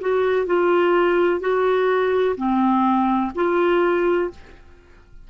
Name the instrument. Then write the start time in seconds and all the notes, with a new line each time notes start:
clarinet
0.00 F#4
0.45 F4
1.40 F#4
2.36 C4
3.35 F4